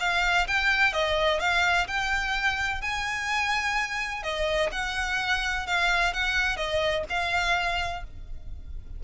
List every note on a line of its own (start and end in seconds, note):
0.00 0.47 F5
0.47 0.93 G5
0.93 1.40 D#5
1.40 1.87 F5
1.88 2.82 G5
2.82 4.23 G#5
4.23 4.70 D#5
4.72 5.67 F#5
5.67 6.14 F5
6.14 6.57 F#5
6.57 7.04 D#5
7.10 8.04 F5